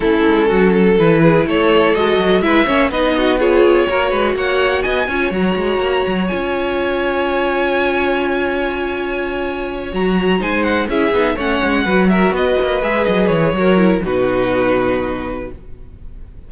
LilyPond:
<<
  \new Staff \with { instrumentName = "violin" } { \time 4/4 \tempo 4 = 124 a'2 b'4 cis''4 | dis''4 e''4 dis''4 cis''4~ | cis''4 fis''4 gis''4 ais''4~ | ais''4 gis''2.~ |
gis''1~ | gis''8 ais''4 gis''8 fis''8 e''4 fis''8~ | fis''4 e''8 dis''4 e''8 dis''8 cis''8~ | cis''4 b'2. | }
  \new Staff \with { instrumentName = "violin" } { \time 4/4 e'4 fis'8 a'4 gis'8 a'4~ | a'4 b'8 cis''8 b'8 fis'8 gis'4 | ais'8 b'8 cis''4 dis''8 cis''4.~ | cis''1~ |
cis''1~ | cis''4. c''4 gis'4 cis''8~ | cis''8 b'8 ais'8 b'2~ b'8 | ais'4 fis'2. | }
  \new Staff \with { instrumentName = "viola" } { \time 4/4 cis'2 e'2 | fis'4 e'8 cis'8 dis'4 f'4 | fis'2~ fis'8 f'8 fis'4~ | fis'4 f'2.~ |
f'1~ | f'8 fis'4 dis'4 e'8 dis'8 cis'8~ | cis'8 fis'2 gis'4. | fis'8 e'8 dis'2. | }
  \new Staff \with { instrumentName = "cello" } { \time 4/4 a8 gis8 fis4 e4 a4 | gis8 fis8 gis8 ais8 b2 | ais8 gis8 ais4 b8 cis'8 fis8 gis8 | ais8 fis8 cis'2.~ |
cis'1~ | cis'8 fis4 gis4 cis'8 b8 a8 | gis8 fis4 b8 ais8 gis8 fis8 e8 | fis4 b,2. | }
>>